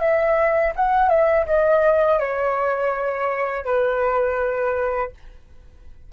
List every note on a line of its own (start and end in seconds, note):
0.00 0.73 E5
0.76 1.09 F#5
1.09 1.46 E5
1.47 2.20 D#5
2.20 3.66 C#5
3.66 5.12 B4